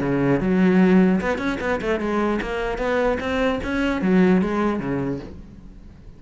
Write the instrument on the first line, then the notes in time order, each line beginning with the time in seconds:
cello
0.00 C#3
0.40 F#3
1.21 B3
1.38 C#4
1.60 B3
1.81 A3
1.99 G#3
2.41 A#3
2.78 B3
3.20 C4
3.63 C#4
4.01 F#3
4.41 G#3
4.79 C#3